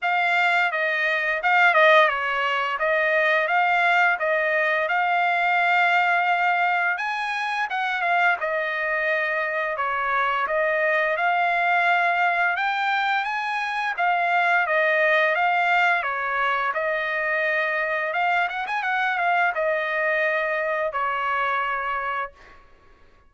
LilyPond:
\new Staff \with { instrumentName = "trumpet" } { \time 4/4 \tempo 4 = 86 f''4 dis''4 f''8 dis''8 cis''4 | dis''4 f''4 dis''4 f''4~ | f''2 gis''4 fis''8 f''8 | dis''2 cis''4 dis''4 |
f''2 g''4 gis''4 | f''4 dis''4 f''4 cis''4 | dis''2 f''8 fis''16 gis''16 fis''8 f''8 | dis''2 cis''2 | }